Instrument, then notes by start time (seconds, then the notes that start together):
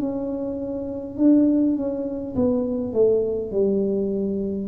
tuba
0.00 C#4
1.18 D4
1.76 C#4
2.35 B3
2.94 A3
3.51 G3